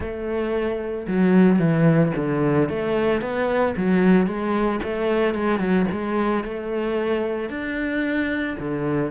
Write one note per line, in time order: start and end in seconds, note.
0.00 1.06 A3
1.07 1.58 F#3
1.58 2.12 E3
2.16 2.69 D3
2.69 3.21 A3
3.21 3.74 B3
3.76 4.26 F#3
4.26 4.80 G#3
4.83 5.34 A3
5.34 5.59 G#3
5.59 5.86 F#3
5.91 6.44 G#3
6.44 7.49 A3
7.49 8.56 D4
8.58 9.11 D3